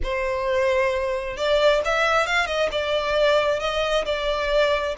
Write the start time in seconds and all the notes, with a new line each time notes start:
0.03 C5
1.36 D5
1.84 E5
2.26 F5
2.46 D#5
2.71 D5
3.59 D#5
4.05 D5